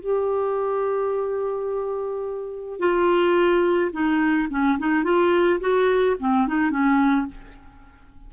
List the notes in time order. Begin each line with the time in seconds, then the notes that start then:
0.00 G4
2.79 F4
3.92 D#4
4.50 C#4
4.79 D#4
5.04 F4
5.60 F#4
6.19 C4
6.47 D#4
6.71 C#4